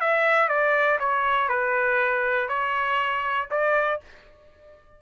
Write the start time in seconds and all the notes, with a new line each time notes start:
0.00 E5
0.48 D5
0.99 C#5
1.48 B4
2.48 C#5
3.50 D5